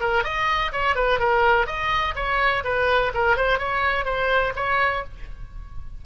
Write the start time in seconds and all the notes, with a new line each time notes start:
0.00 A#4
0.24 D#5
0.72 C#5
0.95 B4
1.19 A#4
1.66 D#5
2.15 C#5
2.64 B4
3.14 A#4
3.37 C5
3.59 C#5
4.05 C5
4.56 C#5